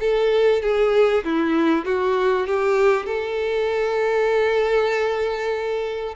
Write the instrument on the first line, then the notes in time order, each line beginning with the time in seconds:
violin
0.00 A4
0.62 G#4
1.24 E4
1.85 F#4
2.47 G4
3.06 A4